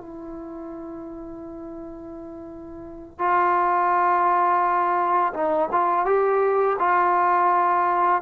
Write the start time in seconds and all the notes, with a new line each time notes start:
0.00 E4
3.19 F4
5.33 D#4
5.71 F4
6.05 G4
6.79 F4